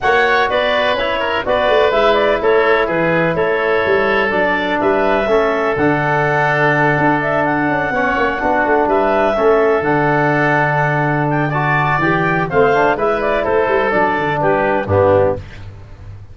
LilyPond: <<
  \new Staff \with { instrumentName = "clarinet" } { \time 4/4 \tempo 4 = 125 fis''4 d''4 cis''4 d''4 | e''8 d''8 cis''4 b'4 cis''4~ | cis''4 d''4 e''2 | fis''2. e''8 fis''8~ |
fis''2~ fis''8 e''4.~ | e''8 fis''2. g''8 | a''4 g''4 f''4 e''8 d''8 | c''4 d''4 b'4 g'4 | }
  \new Staff \with { instrumentName = "oboe" } { \time 4/4 cis''4 b'4. ais'8 b'4~ | b'4 a'4 gis'4 a'4~ | a'2 b'4 a'4~ | a'1~ |
a'8 cis''4 fis'4 b'4 a'8~ | a'1 | d''2 c''4 b'4 | a'2 g'4 d'4 | }
  \new Staff \with { instrumentName = "trombone" } { \time 4/4 fis'2 e'4 fis'4 | e'1~ | e'4 d'2 cis'4 | d'1~ |
d'8 cis'4 d'2 cis'8~ | cis'8 d'2.~ d'8 | fis'4 g'4 c'8 d'8 e'4~ | e'4 d'2 b4 | }
  \new Staff \with { instrumentName = "tuba" } { \time 4/4 ais4 b4 cis'4 b8 a8 | gis4 a4 e4 a4 | g4 fis4 g4 a4 | d2~ d8 d'4. |
cis'8 b8 ais8 b8 a8 g4 a8~ | a8 d2.~ d8~ | d4 e4 a4 gis4 | a8 g8 fis8 d8 g4 g,4 | }
>>